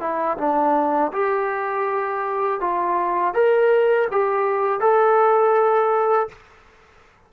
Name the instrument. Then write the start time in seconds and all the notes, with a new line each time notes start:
trombone
0.00 E4
0.37 D4
1.12 G4
2.60 F4
3.34 A#4
4.11 G4
4.80 A4